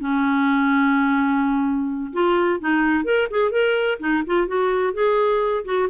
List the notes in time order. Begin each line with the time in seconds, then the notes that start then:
0.00 C#4
2.13 F4
2.60 D#4
3.05 A#4
3.31 G#4
3.52 A#4
4.00 D#4
4.26 F4
4.48 F#4
4.94 G#4
5.65 F#4